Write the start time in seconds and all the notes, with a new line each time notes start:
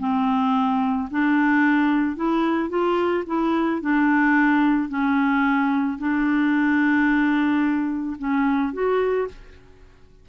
0.00 C4
1.11 D4
2.16 E4
2.70 F4
3.27 E4
3.81 D4
4.89 C#4
5.99 D4
8.19 C#4
8.73 F#4